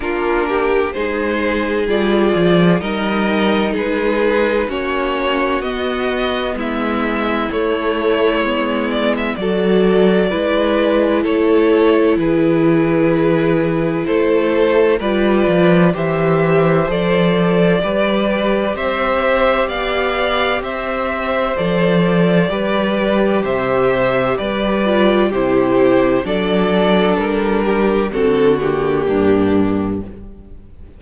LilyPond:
<<
  \new Staff \with { instrumentName = "violin" } { \time 4/4 \tempo 4 = 64 ais'4 c''4 d''4 dis''4 | b'4 cis''4 dis''4 e''4 | cis''4. d''16 e''16 d''2 | cis''4 b'2 c''4 |
d''4 e''4 d''2 | e''4 f''4 e''4 d''4~ | d''4 e''4 d''4 c''4 | d''4 ais'4 a'8 g'4. | }
  \new Staff \with { instrumentName = "violin" } { \time 4/4 f'8 g'8 gis'2 ais'4 | gis'4 fis'2 e'4~ | e'2 a'4 b'4 | a'4 gis'2 a'4 |
b'4 c''2 b'4 | c''4 d''4 c''2 | b'4 c''4 b'4 g'4 | a'4. g'8 fis'4 d'4 | }
  \new Staff \with { instrumentName = "viola" } { \time 4/4 d'4 dis'4 f'4 dis'4~ | dis'4 cis'4 b2 | a4 b4 fis'4 e'4~ | e'1 |
f'4 g'4 a'4 g'4~ | g'2. a'4 | g'2~ g'8 f'8 e'4 | d'2 c'8 ais4. | }
  \new Staff \with { instrumentName = "cello" } { \time 4/4 ais4 gis4 g8 f8 g4 | gis4 ais4 b4 gis4 | a4 gis4 fis4 gis4 | a4 e2 a4 |
g8 f8 e4 f4 g4 | c'4 b4 c'4 f4 | g4 c4 g4 c4 | fis4 g4 d4 g,4 | }
>>